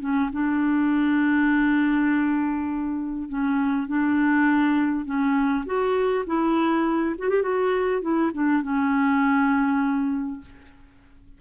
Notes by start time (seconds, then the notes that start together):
0.00 C#4
0.32 D4
3.29 C#4
3.87 D4
5.05 C#4
5.65 F#4
6.26 E4
7.18 F#4
7.29 G4
7.42 F#4
8.01 E4
8.34 D4
8.62 C#4